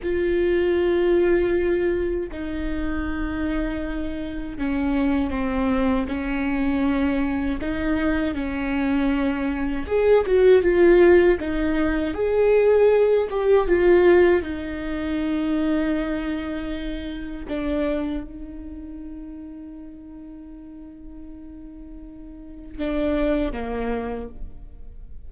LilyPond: \new Staff \with { instrumentName = "viola" } { \time 4/4 \tempo 4 = 79 f'2. dis'4~ | dis'2 cis'4 c'4 | cis'2 dis'4 cis'4~ | cis'4 gis'8 fis'8 f'4 dis'4 |
gis'4. g'8 f'4 dis'4~ | dis'2. d'4 | dis'1~ | dis'2 d'4 ais4 | }